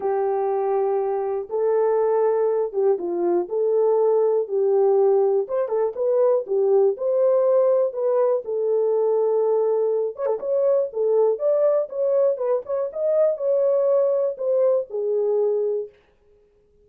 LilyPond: \new Staff \with { instrumentName = "horn" } { \time 4/4 \tempo 4 = 121 g'2. a'4~ | a'4. g'8 f'4 a'4~ | a'4 g'2 c''8 a'8 | b'4 g'4 c''2 |
b'4 a'2.~ | a'8 cis''16 a'16 cis''4 a'4 d''4 | cis''4 b'8 cis''8 dis''4 cis''4~ | cis''4 c''4 gis'2 | }